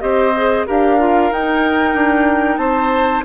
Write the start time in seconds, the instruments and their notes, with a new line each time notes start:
0.00 bassoon C4, clarinet G4, oboe C5, flute D#5
0.36 clarinet G#4
0.67 bassoon D4, clarinet G4, oboe A#4, flute F5
0.98 clarinet F4
1.31 bassoon D#4, clarinet D#4, flute G5
1.94 bassoon D4
2.57 bassoon C4, oboe C5, flute A5